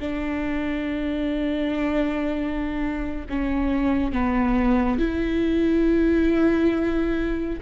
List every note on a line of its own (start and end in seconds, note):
0.00 3.26 D4
3.30 4.13 C#4
4.13 4.99 B3
4.99 7.60 E4